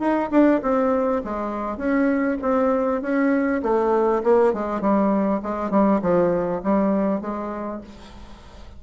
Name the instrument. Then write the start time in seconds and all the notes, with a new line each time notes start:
bassoon
0.00 D#4
0.32 D4
0.63 C4
1.25 G#3
1.78 C#4
2.42 C4
3.02 C#4
3.63 A3
4.24 A#3
4.54 G#3
4.82 G3
5.43 G#3
5.71 G3
6.02 F3
6.64 G3
7.21 G#3